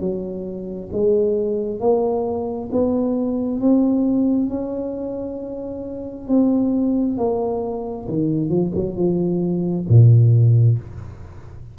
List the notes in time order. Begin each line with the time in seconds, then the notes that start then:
0.00 F#3
0.92 G#3
1.80 A#3
2.72 B3
3.60 C4
4.49 C#4
6.28 C4
7.17 A#3
8.08 D#3
8.49 F3
8.75 F#3
8.96 F3
9.89 A#2